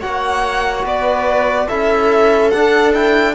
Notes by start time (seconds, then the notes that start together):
0.00 A#3 F#4 C#5 F#5
0.84 B3 B4 D5
1.68 C#4 E4 A4 E5
2.51 D4 F#5
2.93 E4 G5